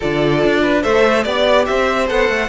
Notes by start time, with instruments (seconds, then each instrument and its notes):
0.00 cello D3, viola F4, violin A4 D5
0.44 cello D4
0.61 violin B4
0.82 cello A3, viola A4, violin C5 E5
1.23 cello B3, viola G4, violin D5
1.66 cello C4, violin C5 E5
2.08 cello B3, viola A4, violin F#5
2.28 cello A3